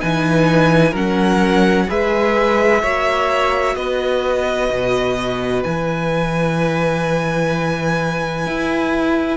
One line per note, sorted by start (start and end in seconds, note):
0.00 0.93 E3
0.00 0.94 D#4
0.00 0.91 B4
0.00 0.94 G#5
0.91 1.87 F#3
0.91 1.88 C#4
0.91 1.85 A#4
0.91 1.90 F#5
1.88 2.83 G#3
1.88 2.81 G#4
1.88 2.82 B4
1.88 3.76 E5
2.82 3.76 A#3
2.82 5.65 F#4
2.82 3.76 C#5
3.76 4.69 B3
3.76 9.38 B4
3.76 5.63 D#5
4.70 5.64 B2
5.64 8.46 E3
5.64 9.38 E4
5.64 9.38 G#5
8.46 9.38 E4